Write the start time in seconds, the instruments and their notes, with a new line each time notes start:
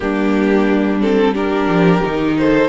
0.00 cello G3, viola A#3, violin D4 G4
1.01 viola C4, violin A4
1.33 viola D4, violin G4 A#4
1.68 cello F3
2.03 cello D#3, viola D#4
2.38 violin A4 C5